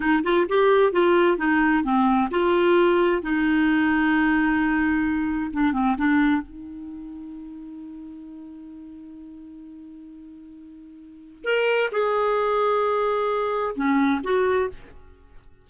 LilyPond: \new Staff \with { instrumentName = "clarinet" } { \time 4/4 \tempo 4 = 131 dis'8 f'8 g'4 f'4 dis'4 | c'4 f'2 dis'4~ | dis'1 | d'8 c'8 d'4 dis'2~ |
dis'1~ | dis'1~ | dis'4 ais'4 gis'2~ | gis'2 cis'4 fis'4 | }